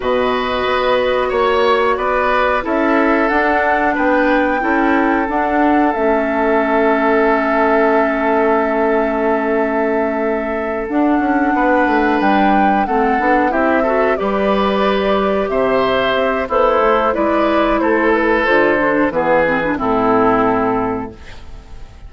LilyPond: <<
  \new Staff \with { instrumentName = "flute" } { \time 4/4 \tempo 4 = 91 dis''2 cis''4 d''4 | e''4 fis''4 g''2 | fis''4 e''2.~ | e''1~ |
e''8 fis''2 g''4 fis''8~ | fis''8 e''4 d''2 e''8~ | e''4 c''4 d''4 c''8 b'8 | c''4 b'4 a'2 | }
  \new Staff \with { instrumentName = "oboe" } { \time 4/4 b'2 cis''4 b'4 | a'2 b'4 a'4~ | a'1~ | a'1~ |
a'4. b'2 a'8~ | a'8 g'8 a'8 b'2 c''8~ | c''4 e'4 b'4 a'4~ | a'4 gis'4 e'2 | }
  \new Staff \with { instrumentName = "clarinet" } { \time 4/4 fis'1 | e'4 d'2 e'4 | d'4 cis'2.~ | cis'1~ |
cis'8 d'2. c'8 | d'8 e'8 fis'8 g'2~ g'8~ | g'4 a'4 e'2 | f'8 d'8 b8 c'16 d'16 c'2 | }
  \new Staff \with { instrumentName = "bassoon" } { \time 4/4 b,4 b4 ais4 b4 | cis'4 d'4 b4 cis'4 | d'4 a2.~ | a1~ |
a8 d'8 cis'8 b8 a8 g4 a8 | b8 c'4 g2 c8~ | c8 c'8 b8 a8 gis4 a4 | d4 e4 a,2 | }
>>